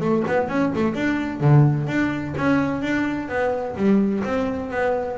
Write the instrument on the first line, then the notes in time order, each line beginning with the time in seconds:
double bass
0.00 A3
0.27 B3
0.49 C#4
0.75 A3
0.95 D4
1.40 D3
1.87 D4
2.37 C#4
2.82 D4
3.29 B3
3.76 G3
4.24 C4
4.71 B3